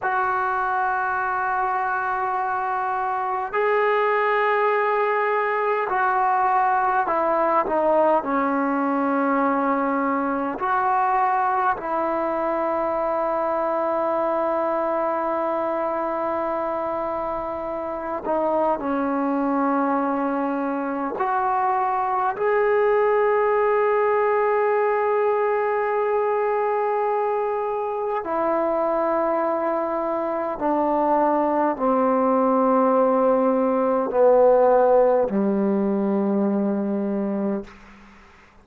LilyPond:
\new Staff \with { instrumentName = "trombone" } { \time 4/4 \tempo 4 = 51 fis'2. gis'4~ | gis'4 fis'4 e'8 dis'8 cis'4~ | cis'4 fis'4 e'2~ | e'2.~ e'8 dis'8 |
cis'2 fis'4 gis'4~ | gis'1 | e'2 d'4 c'4~ | c'4 b4 g2 | }